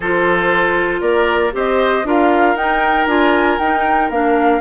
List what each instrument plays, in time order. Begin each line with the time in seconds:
0.00 bassoon F3, clarinet F4, oboe A4, flute C5
1.00 bassoon A#3, oboe A#4, flute D5
1.52 bassoon C4, clarinet G4, oboe C5, flute D#5
2.04 bassoon D4, clarinet F4, oboe A#4, flute F5
2.55 bassoon D#4, clarinet D#4, flute G5
3.06 bassoon D4, clarinet F4, flute G#5
3.58 bassoon D#4, clarinet D#4, flute G5
4.10 bassoon A#3, clarinet D4, flute F5